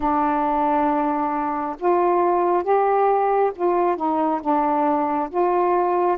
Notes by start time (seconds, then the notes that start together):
0.00 D4
1.79 F4
2.63 G4
3.55 F4
3.96 D#4
4.41 D4
5.29 F4